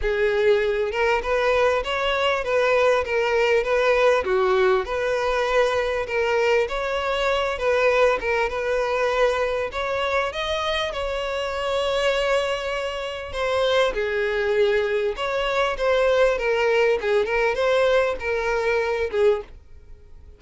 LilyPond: \new Staff \with { instrumentName = "violin" } { \time 4/4 \tempo 4 = 99 gis'4. ais'8 b'4 cis''4 | b'4 ais'4 b'4 fis'4 | b'2 ais'4 cis''4~ | cis''8 b'4 ais'8 b'2 |
cis''4 dis''4 cis''2~ | cis''2 c''4 gis'4~ | gis'4 cis''4 c''4 ais'4 | gis'8 ais'8 c''4 ais'4. gis'8 | }